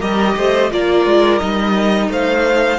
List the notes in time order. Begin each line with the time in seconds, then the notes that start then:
0.00 G3 G4 A#4 D#5
0.37 A3 C5
0.71 A#3 F4 A#4 D5
1.06 G#3
1.39 G3 D#4 D#5
2.10 A3 C5 F5